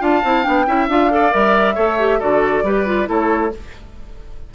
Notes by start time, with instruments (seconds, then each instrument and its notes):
0.00 bassoon D4, clarinet F4, oboe F5, flute A5
0.24 bassoon C4, clarinet E4
0.43 bassoon B3, clarinet D4, flute G5
0.67 bassoon C#4, clarinet E4, oboe E5
0.88 bassoon D4, clarinet F4, flute F5
1.10 clarinet A4, oboe D5
1.31 bassoon G3, clarinet A#4, flute E5
1.75 bassoon A3, clarinet A4, oboe C#5
1.99 clarinet G4
2.19 bassoon D3, clarinet F#4, oboe A4, flute D5
2.63 bassoon G3, clarinet G4, oboe B4
2.86 clarinet F4
3.05 bassoon A3, clarinet E4, oboe A4, flute C#5